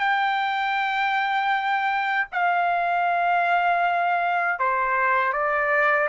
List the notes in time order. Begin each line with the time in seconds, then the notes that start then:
0.00 G5
2.32 F5
4.60 C5
5.33 D5